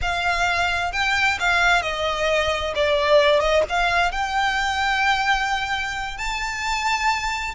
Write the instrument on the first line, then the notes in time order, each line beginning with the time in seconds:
violin
0.01 F5
0.92 G5
1.39 F5
1.82 D#5
2.75 D5
3.40 D#5
3.69 F5
4.11 G5
6.17 A5